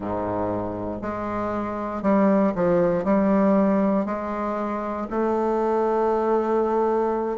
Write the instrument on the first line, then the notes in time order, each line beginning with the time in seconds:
bassoon
0.00 G#2
1.01 G#3
2.02 G3
2.55 F3
3.04 G3
4.05 G#3
5.10 A3